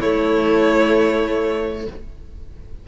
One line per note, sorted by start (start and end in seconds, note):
0.00 1.87 A3
0.00 1.88 A3
0.00 1.86 E4
0.00 1.87 C#5